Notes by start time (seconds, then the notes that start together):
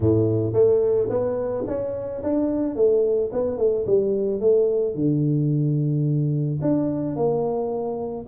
0.00 A2
0.53 A3
1.09 B3
1.67 C#4
2.23 D4
2.75 A3
3.32 B3
3.57 A3
3.86 G3
4.40 A3
4.94 D3
6.61 D4
7.16 A#3